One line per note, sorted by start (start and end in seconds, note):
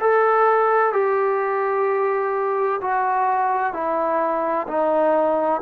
0.00 0.93 A4
0.93 2.80 G4
2.81 3.73 F#4
3.73 4.67 E4
4.67 5.61 D#4